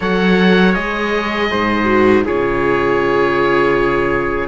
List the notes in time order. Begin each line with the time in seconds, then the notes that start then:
0.00 F#3 A4 C#5 F#5
0.73 G#3 G#4 D#5
1.50 G#2 C5
1.84 F#4
2.25 C#3 F4 G#4 C#5